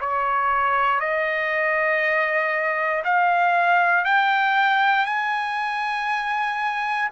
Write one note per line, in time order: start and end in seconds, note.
0.00 1.00 C#5
1.00 3.03 D#5
3.04 4.04 F5
4.04 5.06 G5
5.06 7.09 G#5